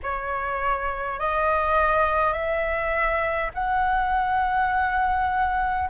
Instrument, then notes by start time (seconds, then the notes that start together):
flute
0.02 C#5
1.19 D#5
2.33 E5
3.53 F#5